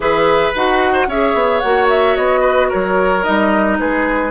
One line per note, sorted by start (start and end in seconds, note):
0.00 0.50 E3
0.00 0.53 G#4
0.00 0.92 B4
0.00 0.55 E5
0.55 1.07 D#4
0.55 1.09 F#4
0.55 1.09 F#5
0.92 1.06 C5
1.07 1.34 C#4
1.07 1.63 G#4
1.07 2.40 C#5
1.07 1.59 E5
1.34 1.61 B3
1.59 2.17 A#3
1.59 3.23 F#4
1.59 1.86 F#5
1.89 2.16 E5
2.16 2.71 B3
2.16 2.70 D#5
2.40 2.67 B4
2.69 3.27 F#3
2.69 3.77 A#4
2.69 3.23 C#5
3.23 3.79 G3
3.23 4.30 D#4
3.23 3.77 D#5
3.79 4.30 G#3
3.79 4.30 G#4
3.79 4.30 B4